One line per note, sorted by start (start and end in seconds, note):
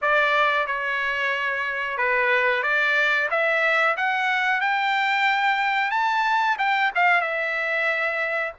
0.01 0.66 D5
0.66 1.97 C#5
1.97 2.62 B4
2.62 3.28 D5
3.30 3.96 E5
3.97 4.60 F#5
4.60 5.90 G5
5.90 6.56 A5
6.58 6.91 G5
6.95 7.20 F5
7.20 8.52 E5